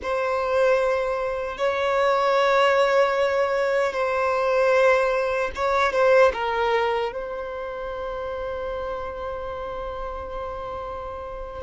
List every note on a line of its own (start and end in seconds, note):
0.02 1.57 C5
1.57 3.93 C#5
3.93 5.50 C5
5.55 5.92 C#5
5.92 6.32 C5
6.33 7.12 A#4
7.12 11.62 C5